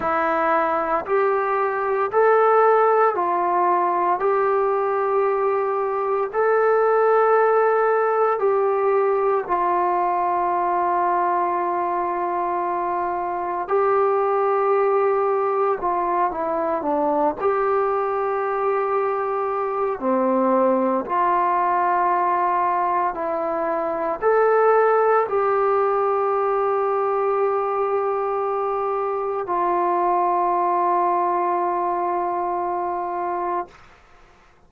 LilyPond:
\new Staff \with { instrumentName = "trombone" } { \time 4/4 \tempo 4 = 57 e'4 g'4 a'4 f'4 | g'2 a'2 | g'4 f'2.~ | f'4 g'2 f'8 e'8 |
d'8 g'2~ g'8 c'4 | f'2 e'4 a'4 | g'1 | f'1 | }